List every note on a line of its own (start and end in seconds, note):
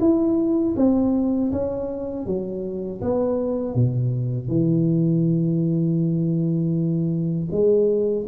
0.00 0.75 E4
0.76 1.51 C4
1.52 2.26 C#4
2.26 3.01 F#3
3.01 3.75 B3
3.75 4.48 B2
4.48 7.48 E3
7.51 8.26 G#3